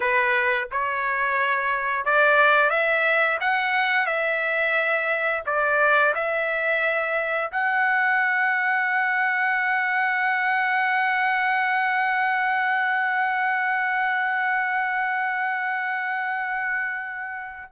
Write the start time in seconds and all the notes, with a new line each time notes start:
0.00 B4
0.71 C#5
2.05 D5
2.70 E5
3.40 F#5
4.06 E5
5.45 D5
6.14 E5
7.51 F#5